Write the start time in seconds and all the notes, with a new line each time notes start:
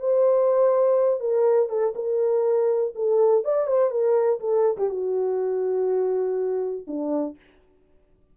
0.00 C5
1.20 A#4
1.70 A4
1.96 A#4
2.96 A4
3.45 D5
3.67 C5
3.91 A#4
4.41 A4
4.78 G4
4.90 F#4
6.88 D4